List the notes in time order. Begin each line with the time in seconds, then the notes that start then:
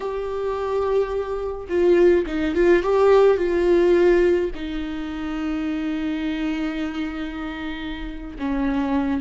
0.00 G4
1.69 F4
2.26 D#4
2.54 F4
2.83 G4
3.37 F4
4.55 D#4
8.39 C#4